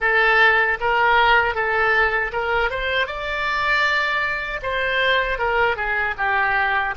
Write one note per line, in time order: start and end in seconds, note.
0.00 0.77 A4
0.80 1.54 A#4
1.54 2.31 A4
2.32 2.70 A#4
2.70 3.06 C5
3.06 4.60 D5
4.62 5.38 C5
5.38 5.76 A#4
5.76 6.14 G#4
6.17 6.94 G4